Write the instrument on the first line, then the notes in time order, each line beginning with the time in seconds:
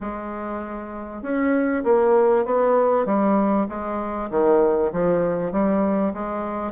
bassoon
0.00 G#3
1.22 C#4
1.84 A#3
2.45 B3
3.05 G3
3.68 G#3
4.30 D#3
4.92 F3
5.52 G3
6.13 G#3